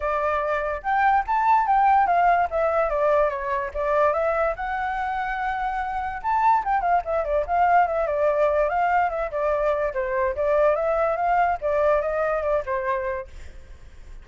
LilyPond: \new Staff \with { instrumentName = "flute" } { \time 4/4 \tempo 4 = 145 d''2 g''4 a''4 | g''4 f''4 e''4 d''4 | cis''4 d''4 e''4 fis''4~ | fis''2. a''4 |
g''8 f''8 e''8 d''8 f''4 e''8 d''8~ | d''4 f''4 e''8 d''4. | c''4 d''4 e''4 f''4 | d''4 dis''4 d''8 c''4. | }